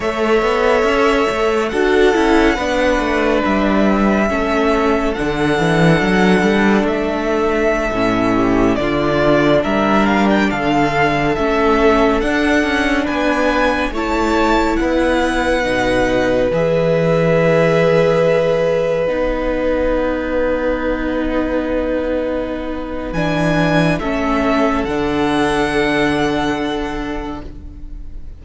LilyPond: <<
  \new Staff \with { instrumentName = "violin" } { \time 4/4 \tempo 4 = 70 e''2 fis''2 | e''2 fis''2 | e''2~ e''16 d''4 e''8 f''16 | g''16 f''4 e''4 fis''4 gis''8.~ |
gis''16 a''4 fis''2 e''8.~ | e''2~ e''16 fis''4.~ fis''16~ | fis''2. gis''4 | e''4 fis''2. | }
  \new Staff \with { instrumentName = "violin" } { \time 4/4 cis''2 a'4 b'4~ | b'4 a'2.~ | a'4.~ a'16 g'8 f'4 ais'8.~ | ais'16 a'2. b'8.~ |
b'16 cis''4 b'2~ b'8.~ | b'1~ | b'1 | a'1 | }
  \new Staff \with { instrumentName = "viola" } { \time 4/4 a'2 fis'8 e'8 d'4~ | d'4 cis'4 d'2~ | d'4~ d'16 cis'4 d'4.~ d'16~ | d'4~ d'16 cis'4 d'4.~ d'16~ |
d'16 e'2 dis'4 gis'8.~ | gis'2~ gis'16 dis'4.~ dis'16~ | dis'2. d'4 | cis'4 d'2. | }
  \new Staff \with { instrumentName = "cello" } { \time 4/4 a8 b8 cis'8 a8 d'8 cis'8 b8 a8 | g4 a4 d8 e8 fis8 g8 | a4~ a16 a,4 d4 g8.~ | g16 d4 a4 d'8 cis'8 b8.~ |
b16 a4 b4 b,4 e8.~ | e2~ e16 b4.~ b16~ | b2. e4 | a4 d2. | }
>>